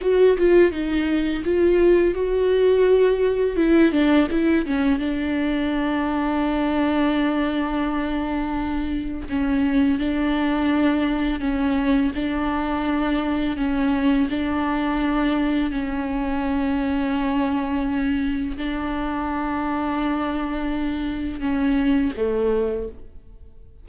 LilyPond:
\new Staff \with { instrumentName = "viola" } { \time 4/4 \tempo 4 = 84 fis'8 f'8 dis'4 f'4 fis'4~ | fis'4 e'8 d'8 e'8 cis'8 d'4~ | d'1~ | d'4 cis'4 d'2 |
cis'4 d'2 cis'4 | d'2 cis'2~ | cis'2 d'2~ | d'2 cis'4 a4 | }